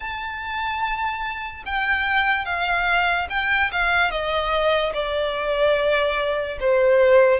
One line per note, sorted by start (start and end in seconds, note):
0.00 1.63 A5
1.65 2.45 G5
2.45 3.27 F5
3.29 3.70 G5
3.71 4.10 F5
4.10 4.92 D#5
4.93 6.58 D5
6.59 7.40 C5